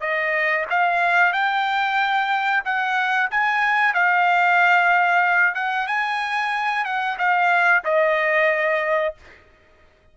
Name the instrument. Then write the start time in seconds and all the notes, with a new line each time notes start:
trumpet
0.00 D#5
0.70 F5
1.33 G5
2.65 F#5
3.31 G#5
3.94 F5
5.54 F#5
5.87 G#5
6.85 F#5
7.18 F5
7.84 D#5